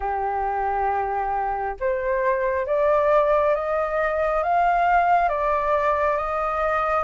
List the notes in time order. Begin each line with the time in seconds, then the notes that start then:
0.00 G4
1.80 C5
2.66 D5
3.55 D#5
4.43 F5
5.29 D5
6.17 D#5